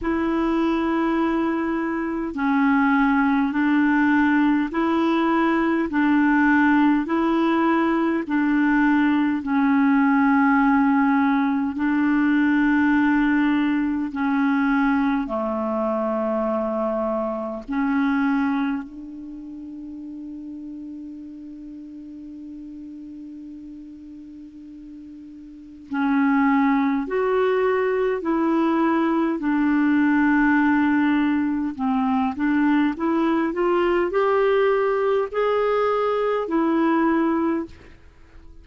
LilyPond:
\new Staff \with { instrumentName = "clarinet" } { \time 4/4 \tempo 4 = 51 e'2 cis'4 d'4 | e'4 d'4 e'4 d'4 | cis'2 d'2 | cis'4 a2 cis'4 |
d'1~ | d'2 cis'4 fis'4 | e'4 d'2 c'8 d'8 | e'8 f'8 g'4 gis'4 e'4 | }